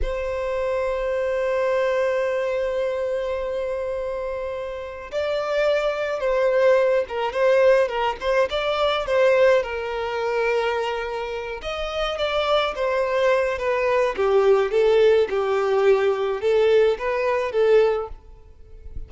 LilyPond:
\new Staff \with { instrumentName = "violin" } { \time 4/4 \tempo 4 = 106 c''1~ | c''1~ | c''4 d''2 c''4~ | c''8 ais'8 c''4 ais'8 c''8 d''4 |
c''4 ais'2.~ | ais'8 dis''4 d''4 c''4. | b'4 g'4 a'4 g'4~ | g'4 a'4 b'4 a'4 | }